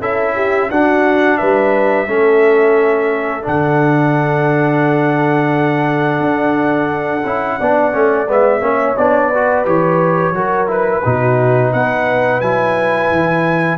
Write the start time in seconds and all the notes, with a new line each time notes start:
0.00 C#4 E4 A4 E5
0.35 G4
0.70 D4 F#4 F#5
1.38 G3 B4 E5
2.07 A3 C#4 A4
3.42 D3 D4 F#5
6.20 D4
7.24 C#4 E4
7.59 B3 D4 D5
7.92 A3 C#4
8.28 G#3 B3 E5
8.61 A#3 C#4 C#5
8.97 B3 D4 D5
9.30 F#4 B4
9.65 E3 G4 C#5
10.32 F#3 F#4 A#4
10.68 E4 B4
11.05 B2 D#4 F#4
11.73 B3 B4 F#5
12.41 F#3 E4 G#5
13.10 E3